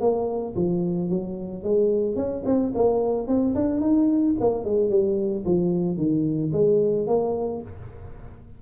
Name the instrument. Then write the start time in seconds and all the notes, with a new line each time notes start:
tuba
0.00 A#3
0.56 F3
1.09 F#3
1.63 G#3
2.16 C#4
2.45 C4
2.74 A#3
3.27 C4
3.55 D4
3.80 D#4
4.40 A#3
4.64 G#3
4.89 G3
5.45 F3
5.97 D#3
6.52 G#3
7.07 A#3